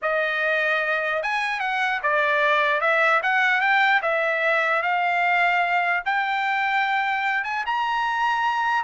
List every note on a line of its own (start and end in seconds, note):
0.02 1.22 D#5
1.22 1.60 G#5
1.60 2.00 F#5
2.02 2.80 D5
2.80 3.20 E5
3.23 3.60 F#5
3.60 4.01 G5
4.02 4.82 E5
4.82 6.03 F5
6.05 7.44 G5
7.44 7.64 G#5
7.65 8.83 A#5